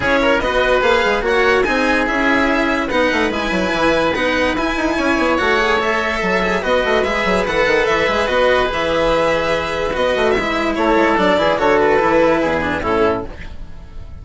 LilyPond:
<<
  \new Staff \with { instrumentName = "violin" } { \time 4/4 \tempo 4 = 145 cis''4 dis''4 f''4 fis''4 | gis''4 e''2 fis''4 | gis''2 fis''4 gis''4~ | gis''4 fis''4 e''2 |
dis''4 e''4 fis''4 e''4 | dis''4 e''2. | dis''4 e''4 cis''4 d''4 | cis''8 b'2~ b'8 a'4 | }
  \new Staff \with { instrumentName = "oboe" } { \time 4/4 gis'8 ais'8 b'2 cis''4 | gis'2. b'4~ | b'1 | cis''2. a'4 |
b'1~ | b'1~ | b'2 a'4. gis'8 | a'2 gis'4 e'4 | }
  \new Staff \with { instrumentName = "cello" } { \time 4/4 e'4 fis'4 gis'4 fis'4 | dis'4 e'2 dis'4 | e'2 dis'4 e'4~ | e'4 fis'8 gis'8 a'4. gis'8 |
fis'4 gis'4 a'4. gis'8 | fis'4 gis'2. | fis'4 e'2 d'8 e'8 | fis'4 e'4. d'8 cis'4 | }
  \new Staff \with { instrumentName = "bassoon" } { \time 4/4 cis'4 b4 ais8 gis8 ais4 | c'4 cis'2 b8 a8 | gis8 fis8 e4 b4 e'8 dis'8 | cis'8 b8 a2 fis4 |
b8 a8 gis8 fis8 e8 dis8 e8 gis8 | b4 e2. | b8 a8 gis4 a8 gis8 fis8 e8 | d4 e4 e,4 a,4 | }
>>